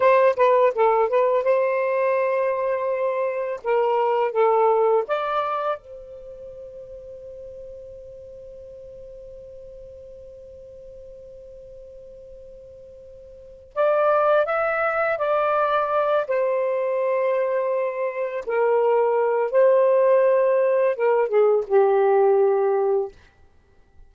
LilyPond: \new Staff \with { instrumentName = "saxophone" } { \time 4/4 \tempo 4 = 83 c''8 b'8 a'8 b'8 c''2~ | c''4 ais'4 a'4 d''4 | c''1~ | c''1~ |
c''2. d''4 | e''4 d''4. c''4.~ | c''4. ais'4. c''4~ | c''4 ais'8 gis'8 g'2 | }